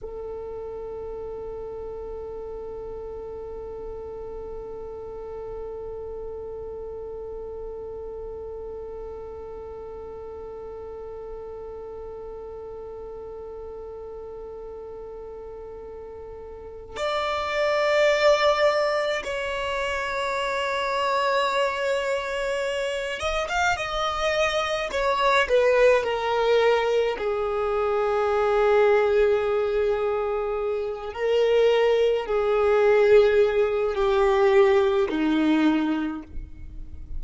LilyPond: \new Staff \with { instrumentName = "violin" } { \time 4/4 \tempo 4 = 53 a'1~ | a'1~ | a'1~ | a'2. d''4~ |
d''4 cis''2.~ | cis''8 dis''16 f''16 dis''4 cis''8 b'8 ais'4 | gis'2.~ gis'8 ais'8~ | ais'8 gis'4. g'4 dis'4 | }